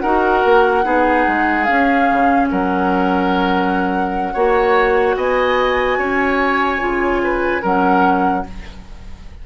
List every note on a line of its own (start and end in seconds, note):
0.00 0.44 D#4
0.00 0.83 F#4
0.00 0.85 A#4
0.00 1.64 F#5
0.45 0.85 A#3
0.83 1.26 B3
0.83 1.65 D#4
0.83 2.50 G#4
1.28 1.69 G#3
1.64 4.34 C#4
1.64 2.11 C#4
1.64 2.47 F5
2.12 2.52 C#3
2.51 4.35 F#3
2.51 4.34 A#4
2.51 5.17 F#5
4.34 5.16 A#3
4.34 6.79 F#4
4.34 5.16 C#5
5.16 5.98 B3
5.16 5.98 D#5
5.16 7.64 G#5
5.98 6.80 C#4
5.98 7.22 C#5
6.79 7.64 C#3
6.79 7.62 F4
7.23 7.62 B4
7.62 8.46 F#3
7.62 8.45 C#4
7.62 8.44 A#4
7.62 8.46 F#5